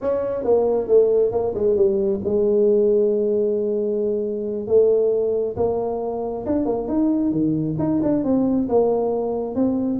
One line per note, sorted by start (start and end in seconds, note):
0.01 0.44 C#4
0.44 0.87 A#3
0.87 1.31 A3
1.31 1.53 A#3
1.54 1.76 G#3
1.76 2.20 G3
2.24 4.67 G#3
4.67 5.56 A3
5.56 6.45 A#3
6.45 6.65 D4
6.65 6.87 A#3
6.87 7.31 D#4
7.31 7.76 D#3
7.79 8.01 D#4
8.03 8.23 D4
8.23 8.68 C4
8.68 9.55 A#3
9.55 9.99 C4